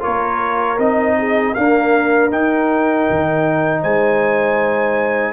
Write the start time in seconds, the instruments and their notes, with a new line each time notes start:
0.00 tuba A#3, trombone F4, horn A#4, trumpet C#5
0.78 tuba C4, trombone D#4, trumpet D#5
1.19 horn G#4
1.53 trombone A#3, tuba D4, horn A#4, trumpet F5
2.31 tuba D#4, trombone D#4, trumpet G5
3.10 tuba D#3
3.81 tuba G#3, horn C5, trumpet G#5